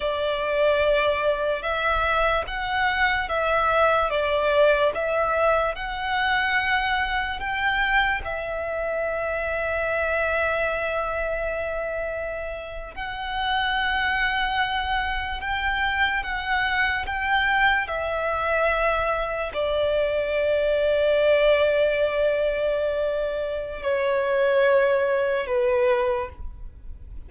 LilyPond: \new Staff \with { instrumentName = "violin" } { \time 4/4 \tempo 4 = 73 d''2 e''4 fis''4 | e''4 d''4 e''4 fis''4~ | fis''4 g''4 e''2~ | e''2.~ e''8. fis''16~ |
fis''2~ fis''8. g''4 fis''16~ | fis''8. g''4 e''2 d''16~ | d''1~ | d''4 cis''2 b'4 | }